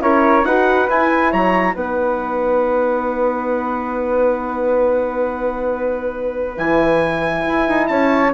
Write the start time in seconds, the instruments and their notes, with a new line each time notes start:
0.00 bassoon C#4, horn E4, flute A#4, trumpet C#5
0.44 bassoon D#4, horn F#4, flute B4, trumpet F#5
0.89 horn E4, bassoon E4, trumpet G#5
1.31 bassoon F#3, flute C#5, trumpet A#5
1.74 bassoon B3, horn D#4, flute B4, trumpet F#5
6.57 bassoon E3, horn E4, trumpet G#5
7.47 bassoon E4
7.68 bassoon D#4
7.87 bassoon C#4, flute C#5, trumpet A5